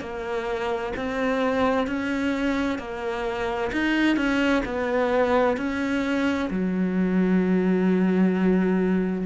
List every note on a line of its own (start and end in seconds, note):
0.00 0.92 A#3
0.96 1.87 C4
1.87 2.78 C#4
2.78 3.70 A#3
3.72 4.16 D#4
4.16 4.62 C#4
4.65 5.56 B3
5.56 6.49 C#4
6.50 9.26 F#3